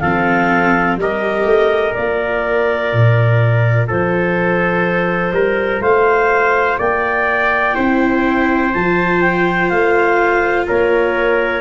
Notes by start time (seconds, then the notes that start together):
0.00 F3 C4 A4 F5
0.97 G3 G4 A#4 D#5
1.45 A3
1.94 A#3 F4 D5
2.93 A#2
3.88 F3 A4 C5
5.32 G3 A#4
5.81 A3 C5 F5
6.79 A#3 D5 G5
7.75 C4 E4 C5
8.74 F3 F4 A5
9.22 G5
9.70 A3 F5
10.68 A#3 A#4 C#5